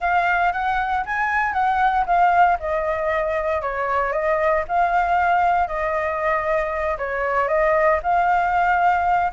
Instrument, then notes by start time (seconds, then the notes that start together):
flute
0.00 F5
0.52 F#5
1.05 G#5
1.53 F#5
2.06 F5
2.59 D#5
3.61 C#5
4.12 D#5
4.68 F5
5.67 D#5
6.97 C#5
7.47 D#5
8.02 F5